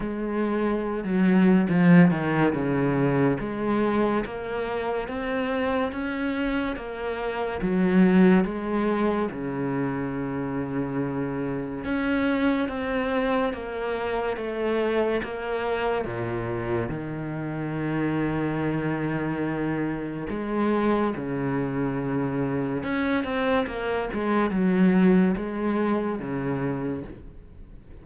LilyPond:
\new Staff \with { instrumentName = "cello" } { \time 4/4 \tempo 4 = 71 gis4~ gis16 fis8. f8 dis8 cis4 | gis4 ais4 c'4 cis'4 | ais4 fis4 gis4 cis4~ | cis2 cis'4 c'4 |
ais4 a4 ais4 ais,4 | dis1 | gis4 cis2 cis'8 c'8 | ais8 gis8 fis4 gis4 cis4 | }